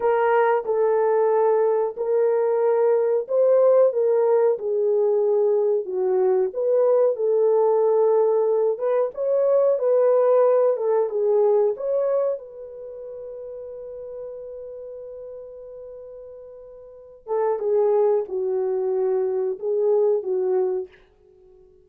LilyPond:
\new Staff \with { instrumentName = "horn" } { \time 4/4 \tempo 4 = 92 ais'4 a'2 ais'4~ | ais'4 c''4 ais'4 gis'4~ | gis'4 fis'4 b'4 a'4~ | a'4. b'8 cis''4 b'4~ |
b'8 a'8 gis'4 cis''4 b'4~ | b'1~ | b'2~ b'8 a'8 gis'4 | fis'2 gis'4 fis'4 | }